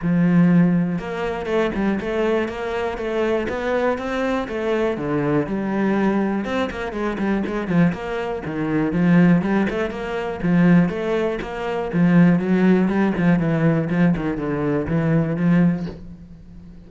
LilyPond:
\new Staff \with { instrumentName = "cello" } { \time 4/4 \tempo 4 = 121 f2 ais4 a8 g8 | a4 ais4 a4 b4 | c'4 a4 d4 g4~ | g4 c'8 ais8 gis8 g8 gis8 f8 |
ais4 dis4 f4 g8 a8 | ais4 f4 a4 ais4 | f4 fis4 g8 f8 e4 | f8 dis8 d4 e4 f4 | }